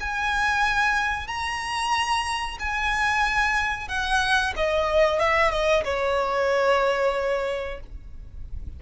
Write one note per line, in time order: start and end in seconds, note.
0.00 1.27 G#5
1.27 2.58 A#5
2.59 3.88 G#5
3.88 4.54 F#5
4.56 5.19 D#5
5.19 5.51 E5
5.51 5.83 D#5
5.84 7.80 C#5